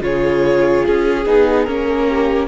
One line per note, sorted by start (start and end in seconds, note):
0.00 0.83 C#3
0.00 1.23 F4
0.00 2.08 G#4
0.00 0.86 C#5
0.86 1.26 C#4
0.86 1.65 G#4
1.26 1.67 B3
1.26 1.67 D#4
1.65 2.48 A#3
1.65 2.48 C#4
1.65 2.47 A#4
2.08 2.48 G4